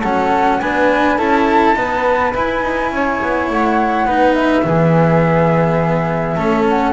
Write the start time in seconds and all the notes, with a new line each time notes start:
0.00 F#3 C#4 A4 F#5
0.60 B3 D4 B4 G#5
1.17 C#4 E4 A4 A5
1.73 B3 D#4 B4
2.34 E4 G#5
2.62 D#4
2.91 C#4 C#5
3.22 B3
3.50 A3 F#5
4.05 B3 D#4 B4
4.34 E5
4.63 E3 B3 G#4
6.35 A3 C#4 A4
6.69 F#5